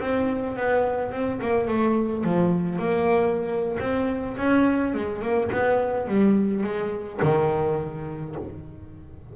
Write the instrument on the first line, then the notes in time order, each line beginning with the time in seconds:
double bass
0.00 C4
0.57 B3
1.12 C4
1.41 A#3
1.68 A3
2.24 F3
2.79 A#3
3.80 C4
4.38 C#4
4.94 G#3
5.22 A#3
5.52 B3
6.07 G3
6.64 G#3
7.23 D#3